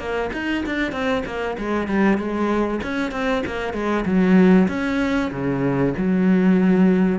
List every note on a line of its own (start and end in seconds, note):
0.00 0.31 A#3
0.34 0.65 D#4
0.66 0.93 D4
0.93 1.24 C4
1.26 1.57 A#3
1.59 1.88 G#3
1.88 2.18 G3
2.18 2.81 G#3
2.84 3.12 C#4
3.12 3.43 C4
3.47 3.74 A#3
3.74 4.05 G#3
4.06 4.68 F#3
4.69 5.31 C#4
5.32 5.94 C#3
5.98 7.20 F#3